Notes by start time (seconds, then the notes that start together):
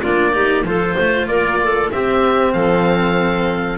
0.00 A#3 D4 F4 D5
0.33 D#4 G4
0.64 F3 F4 A4 C5
0.96 A3 C5
1.27 A#3 A#4 D5
1.63 A4
1.91 C4 G4 E5
2.53 F3 A4 F5